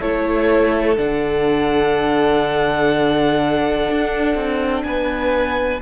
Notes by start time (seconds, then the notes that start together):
0.00 A3 E4 A4 C#5
0.97 D3 D4 F#5
3.91 D4
4.35 C4
4.83 B3 B4 G#5